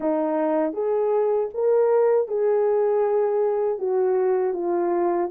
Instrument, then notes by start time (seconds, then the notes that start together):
horn
0.00 D#4
0.73 G#4
1.54 A#4
2.28 G#4
3.78 F#4
4.53 F4